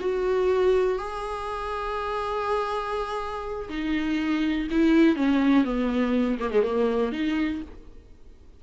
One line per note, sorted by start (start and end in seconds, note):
0.00 0.98 F#4
0.98 3.69 G#4
3.69 4.68 D#4
4.71 5.16 E4
5.16 5.64 C#4
5.64 6.38 B3
6.39 6.51 A#3
6.51 6.63 G#3
6.63 7.12 A#3
7.12 7.61 D#4